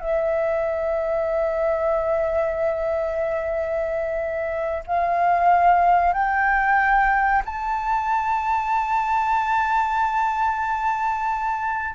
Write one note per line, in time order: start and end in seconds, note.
0.00 4.84 E5
4.87 6.13 F5
6.13 7.43 G5
7.45 11.95 A5